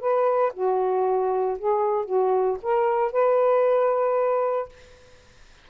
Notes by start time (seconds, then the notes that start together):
0.00 B4
0.54 F#4
1.58 G#4
2.05 F#4
2.62 A#4
3.12 B4